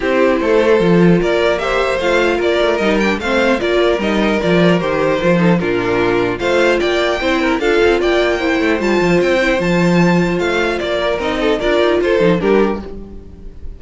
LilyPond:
<<
  \new Staff \with { instrumentName = "violin" } { \time 4/4 \tempo 4 = 150 c''2. d''4 | e''4 f''4 d''4 dis''8 g''8 | f''4 d''4 dis''4 d''4 | c''2 ais'2 |
f''4 g''2 f''4 | g''2 a''4 g''4 | a''2 f''4 d''4 | dis''4 d''4 c''4 ais'4 | }
  \new Staff \with { instrumentName = "violin" } { \time 4/4 g'4 a'2 ais'4 | c''2 ais'2 | c''4 ais'2.~ | ais'4. a'8 f'2 |
c''4 d''4 c''8 ais'8 a'4 | d''4 c''2.~ | c''2.~ c''8 ais'8~ | ais'8 a'8 ais'4 a'4 g'4 | }
  \new Staff \with { instrumentName = "viola" } { \time 4/4 e'2 f'2 | g'4 f'2 dis'8 d'8 | c'4 f'4 dis'4 f'4 | g'4 f'8 dis'8 d'2 |
f'2 e'4 f'4~ | f'4 e'4 f'4. e'8 | f'1 | dis'4 f'4. dis'8 d'4 | }
  \new Staff \with { instrumentName = "cello" } { \time 4/4 c'4 a4 f4 ais4~ | ais4 a4 ais8 a8 g4 | a4 ais4 g4 f4 | dis4 f4 ais,2 |
a4 ais4 c'4 d'8 c'8 | ais4. a8 g8 f8 c'4 | f2 a4 ais4 | c'4 d'8 dis'8 f'8 f8 g4 | }
>>